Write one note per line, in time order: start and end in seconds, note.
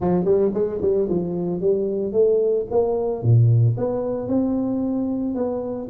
0.00 0.25 F3
0.25 0.51 G3
0.54 0.80 G#3
0.81 1.08 G3
1.09 1.60 F3
1.60 2.12 G3
2.12 2.65 A3
2.70 3.22 A#3
3.22 3.75 A#2
3.77 4.27 B3
4.27 5.34 C4
5.34 5.88 B3